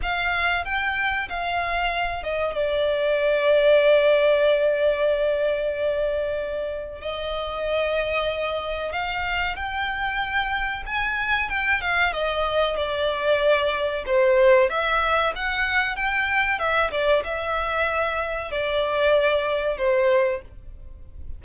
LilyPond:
\new Staff \with { instrumentName = "violin" } { \time 4/4 \tempo 4 = 94 f''4 g''4 f''4. dis''8 | d''1~ | d''2. dis''4~ | dis''2 f''4 g''4~ |
g''4 gis''4 g''8 f''8 dis''4 | d''2 c''4 e''4 | fis''4 g''4 e''8 d''8 e''4~ | e''4 d''2 c''4 | }